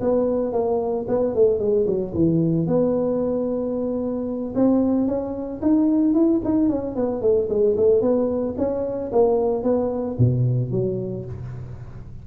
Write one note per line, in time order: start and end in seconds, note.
0.00 0.52 B3
0.52 1.06 A#3
1.08 1.35 B3
1.35 1.59 A3
1.59 1.86 G#3
1.87 2.13 F#3
2.14 2.66 E3
2.66 4.54 B3
4.55 5.07 C4
5.07 5.61 C#4
5.62 6.14 D#4
6.14 6.41 E4
6.44 6.69 D#4
6.69 6.96 C#4
6.96 7.22 B3
7.22 7.48 A3
7.49 7.76 G#3
7.77 8.01 A3
8.01 8.54 B3
8.57 9.11 C#4
9.12 9.63 A#3
9.63 10.16 B3
10.18 10.71 B2
10.71 11.25 F#3